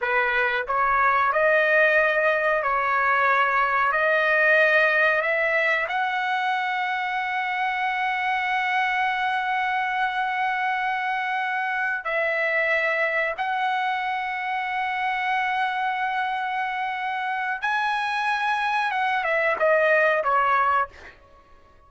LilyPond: \new Staff \with { instrumentName = "trumpet" } { \time 4/4 \tempo 4 = 92 b'4 cis''4 dis''2 | cis''2 dis''2 | e''4 fis''2.~ | fis''1~ |
fis''2~ fis''8 e''4.~ | e''8 fis''2.~ fis''8~ | fis''2. gis''4~ | gis''4 fis''8 e''8 dis''4 cis''4 | }